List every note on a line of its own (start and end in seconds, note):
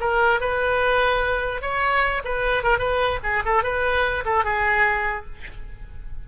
0.00 0.40 A#4
0.40 1.62 B4
1.62 2.22 C#5
2.24 2.63 B4
2.63 2.78 A#4
2.78 3.19 B4
3.23 3.43 G#4
3.45 3.63 A4
3.63 4.24 B4
4.25 4.44 A4
4.44 5.26 G#4